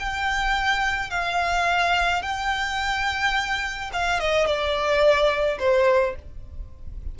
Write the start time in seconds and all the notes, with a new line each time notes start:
0.00 G5
1.11 F5
2.23 G5
3.94 F5
4.20 D#5
4.47 D5
5.60 C5